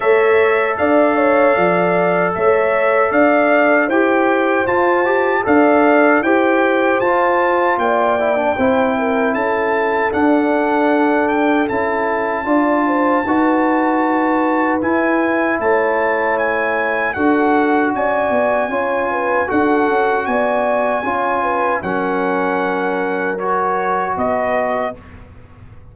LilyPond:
<<
  \new Staff \with { instrumentName = "trumpet" } { \time 4/4 \tempo 4 = 77 e''4 f''2 e''4 | f''4 g''4 a''4 f''4 | g''4 a''4 g''2 | a''4 fis''4. g''8 a''4~ |
a''2. gis''4 | a''4 gis''4 fis''4 gis''4~ | gis''4 fis''4 gis''2 | fis''2 cis''4 dis''4 | }
  \new Staff \with { instrumentName = "horn" } { \time 4/4 cis''4 d''8 cis''8 d''4 cis''4 | d''4 c''2 d''4 | c''2 d''4 c''8 ais'8 | a'1 |
d''8 c''8 b'2. | cis''2 a'4 d''4 | cis''8 b'8 a'4 d''4 cis''8 b'8 | ais'2. b'4 | }
  \new Staff \with { instrumentName = "trombone" } { \time 4/4 a'1~ | a'4 g'4 f'8 g'8 a'4 | g'4 f'4. e'16 d'16 e'4~ | e'4 d'2 e'4 |
f'4 fis'2 e'4~ | e'2 fis'2 | f'4 fis'2 f'4 | cis'2 fis'2 | }
  \new Staff \with { instrumentName = "tuba" } { \time 4/4 a4 d'4 f4 a4 | d'4 e'4 f'4 d'4 | e'4 f'4 ais4 c'4 | cis'4 d'2 cis'4 |
d'4 dis'2 e'4 | a2 d'4 cis'8 b8 | cis'4 d'8 cis'8 b4 cis'4 | fis2. b4 | }
>>